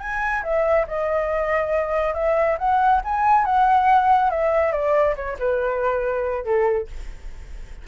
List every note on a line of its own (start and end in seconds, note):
0.00 0.43 G#5
0.43 0.86 E5
0.87 2.14 D#5
2.14 2.57 E5
2.58 3.01 F#5
3.04 3.45 G#5
3.45 4.30 F#5
4.30 4.72 E5
4.72 5.15 D5
5.16 5.37 C#5
5.39 6.44 B4
6.44 6.87 A4